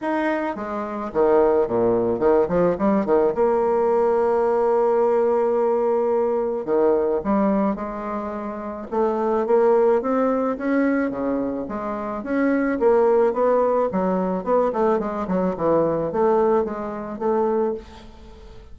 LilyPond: \new Staff \with { instrumentName = "bassoon" } { \time 4/4 \tempo 4 = 108 dis'4 gis4 dis4 ais,4 | dis8 f8 g8 dis8 ais2~ | ais1 | dis4 g4 gis2 |
a4 ais4 c'4 cis'4 | cis4 gis4 cis'4 ais4 | b4 fis4 b8 a8 gis8 fis8 | e4 a4 gis4 a4 | }